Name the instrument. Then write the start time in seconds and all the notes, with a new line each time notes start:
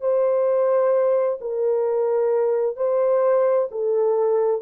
horn
0.00 C5
1.41 A#4
2.76 C5
3.71 A4